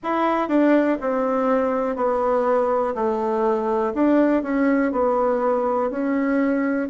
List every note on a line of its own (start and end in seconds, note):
0.03 0.48 E4
0.48 0.97 D4
1.00 1.96 C4
1.96 2.94 B3
2.95 3.93 A3
3.93 4.43 D4
4.43 4.92 C#4
4.92 5.90 B3
5.90 6.89 C#4